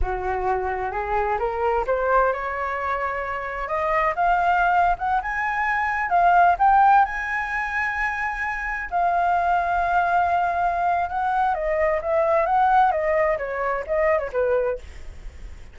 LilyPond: \new Staff \with { instrumentName = "flute" } { \time 4/4 \tempo 4 = 130 fis'2 gis'4 ais'4 | c''4 cis''2. | dis''4 f''4.~ f''16 fis''8 gis''8.~ | gis''4~ gis''16 f''4 g''4 gis''8.~ |
gis''2.~ gis''16 f''8.~ | f''1 | fis''4 dis''4 e''4 fis''4 | dis''4 cis''4 dis''8. cis''16 b'4 | }